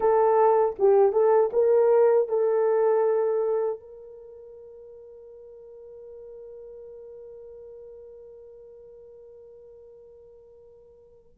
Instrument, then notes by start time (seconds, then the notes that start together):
horn
0.00 A4
0.78 G4
1.12 A4
1.52 A#4
2.28 A4
3.79 A#4